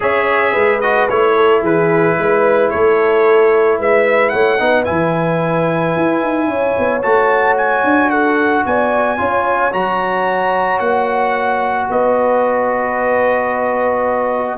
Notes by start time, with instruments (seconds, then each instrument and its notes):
0.00 tuba C#4, trombone G#4, horn C#5, trumpet E5
0.52 tuba G#3, horn B4
0.81 trombone F#4, trumpet D#5
1.09 tuba A3, trombone E4, trumpet C#5
1.36 horn A4
1.61 tuba E3, horn G#4, trumpet B4
2.17 tuba G#3, horn B4
2.69 tuba A3, horn A4, trumpet C#5
3.78 tuba G#3, horn B4, trumpet E5
4.29 tuba A3, horn C#5, trumpet F#5
4.58 tuba B3, trombone D#4, horn B4
4.84 tuba E3, trombone E4, trumpet G#5
5.96 tuba E4
6.22 tuba D#4
6.47 tuba C#4, horn C#5
6.78 tuba B3
7.02 tuba A3, trombone F#4, trumpet A5
7.57 trumpet G#5
7.83 tuba D4
8.09 horn A4, trumpet F#5
8.65 tuba B3, horn D5, trumpet G#5
9.17 tuba C#4, trombone F4, horn C#5
9.72 tuba F#3, trombone F#4, trumpet A#5
10.79 tuba A#3, trumpet F#5
11.89 tuba B3, horn B4, trumpet D#5